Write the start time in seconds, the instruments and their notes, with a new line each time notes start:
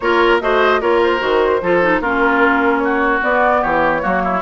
0.00 bassoon A#3, clarinet F4, oboe A#4, flute C#5
0.41 bassoon A3, clarinet F#4, oboe C5, flute D#5
0.80 bassoon A#3, clarinet F4, oboe A#4, flute C#5
1.03 flute C5
1.19 bassoon D#3, clarinet F#4
1.61 bassoon F3, clarinet F4, oboe A4
1.82 clarinet D#4
1.99 bassoon A#3, clarinet C#4, oboe F4, flute A#4
2.79 oboe F#4, flute C#5
3.21 clarinet B3, bassoon B3, flute D5
3.61 bassoon E3, oboe G4, flute C#5
4.00 bassoon F#3, clarinet A#3, oboe F#4
4.23 oboe E4